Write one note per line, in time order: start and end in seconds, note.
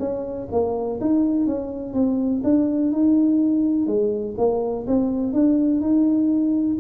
0.00 0.48 C#4
0.52 1.00 A#3
1.01 1.47 D#4
1.47 1.94 C#4
1.94 2.42 C4
2.44 2.92 D4
2.92 3.87 D#4
3.87 4.35 G#3
4.38 4.86 A#3
4.87 5.33 C4
5.33 5.81 D4
5.81 6.78 D#4